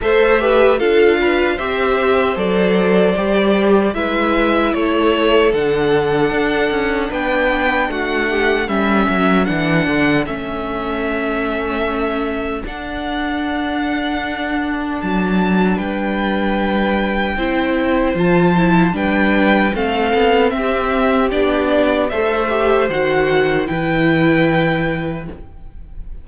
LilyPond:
<<
  \new Staff \with { instrumentName = "violin" } { \time 4/4 \tempo 4 = 76 e''4 f''4 e''4 d''4~ | d''4 e''4 cis''4 fis''4~ | fis''4 g''4 fis''4 e''4 | fis''4 e''2. |
fis''2. a''4 | g''2. a''4 | g''4 f''4 e''4 d''4 | e''4 fis''4 g''2 | }
  \new Staff \with { instrumentName = "violin" } { \time 4/4 c''8 b'8 a'8 b'8 c''2~ | c''4 b'4 a'2~ | a'4 b'4 fis'8 g'8 a'4~ | a'1~ |
a'1 | b'2 c''2 | b'4 a'4 g'2 | c''2 b'2 | }
  \new Staff \with { instrumentName = "viola" } { \time 4/4 a'8 g'8 f'4 g'4 a'4 | g'4 e'2 d'4~ | d'2. cis'4 | d'4 cis'2. |
d'1~ | d'2 e'4 f'8 e'8 | d'4 c'2 d'4 | a'8 g'8 fis'4 e'2 | }
  \new Staff \with { instrumentName = "cello" } { \time 4/4 a4 d'4 c'4 fis4 | g4 gis4 a4 d4 | d'8 cis'8 b4 a4 g8 fis8 | e8 d8 a2. |
d'2. fis4 | g2 c'4 f4 | g4 a8 b8 c'4 b4 | a4 dis4 e2 | }
>>